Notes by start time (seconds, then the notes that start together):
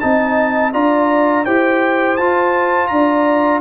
0.00 C4 D#4 D#5 A5
0.73 D4 F4 D5 A#5
1.45 E4 G4 C5 G5
2.17 F4 A5
2.87 D4 D5 A#5